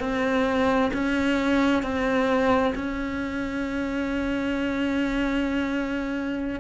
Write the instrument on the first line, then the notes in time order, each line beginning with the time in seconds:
cello
0.00 C4
0.93 C#4
1.83 C4
2.75 C#4